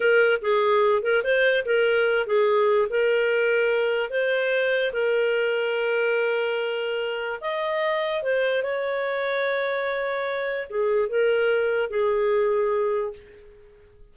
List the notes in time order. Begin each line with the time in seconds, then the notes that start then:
0.00 A#4
0.41 G#4
1.02 A#4
1.23 C5
1.65 A#4
2.26 G#4
2.89 A#4
4.10 C5
4.92 A#4
7.40 D#5
8.22 C5
8.62 C#5
10.69 G#4
11.08 A#4
11.90 G#4